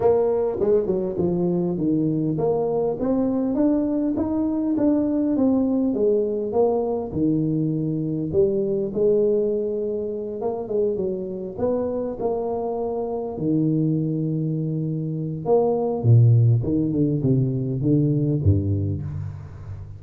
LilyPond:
\new Staff \with { instrumentName = "tuba" } { \time 4/4 \tempo 4 = 101 ais4 gis8 fis8 f4 dis4 | ais4 c'4 d'4 dis'4 | d'4 c'4 gis4 ais4 | dis2 g4 gis4~ |
gis4. ais8 gis8 fis4 b8~ | b8 ais2 dis4.~ | dis2 ais4 ais,4 | dis8 d8 c4 d4 g,4 | }